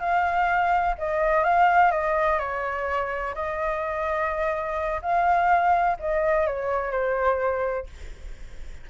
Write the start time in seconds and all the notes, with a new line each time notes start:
0.00 F5
0.98 D#5
1.44 F5
1.92 D#5
2.39 C#5
3.35 D#5
5.02 F5
6.00 D#5
6.47 C#5
6.92 C5